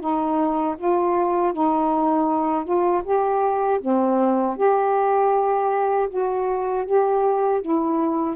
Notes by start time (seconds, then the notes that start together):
0.00 D#4
0.78 F4
1.53 D#4
2.65 F4
3.04 G4
3.81 C4
4.57 G4
6.09 F#4
6.86 G4
7.62 E4